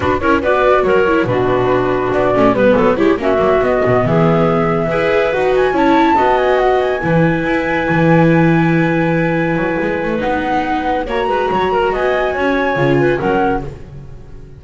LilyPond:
<<
  \new Staff \with { instrumentName = "flute" } { \time 4/4 \tempo 4 = 141 b'8 cis''8 d''4 cis''4 b'4~ | b'4 d''4 b'4 cis''8 e''8~ | e''8 dis''4 e''2~ e''8~ | e''8 fis''8 gis''8 a''4. gis''8 fis''8 |
gis''1~ | gis''1 | fis''2 ais''2 | gis''2. fis''4 | }
  \new Staff \with { instrumentName = "clarinet" } { \time 4/4 fis'8 ais'8 b'4 ais'4 fis'4~ | fis'2 b'8 a'8 g'8 fis'8~ | fis'4. gis'2 b'8~ | b'4. cis''4 dis''4.~ |
dis''8 b'2.~ b'8~ | b'1~ | b'2 cis''8 b'8 cis''8 ais'8 | dis''4 cis''4. b'8 ais'4 | }
  \new Staff \with { instrumentName = "viola" } { \time 4/4 d'8 e'8 fis'4. e'8 d'4~ | d'4. cis'8 b4 e'8 cis'8 | ais8 b2. gis'8~ | gis'8 fis'4 e'4 fis'4.~ |
fis'8 e'2.~ e'8~ | e'1 | dis'2 fis'2~ | fis'2 f'4 cis'4 | }
  \new Staff \with { instrumentName = "double bass" } { \time 4/4 d'8 cis'8 b4 fis4 b,4~ | b,4 b8 a8 g8 fis8 gis8 ais8 | fis8 b8 b,8 e2 e'8~ | e'8 dis'4 cis'4 b4.~ |
b8 e4 e'4 e4.~ | e2~ e8 fis8 gis8 a8 | b2 ais8 gis8 fis4 | b4 cis'4 cis4 fis4 | }
>>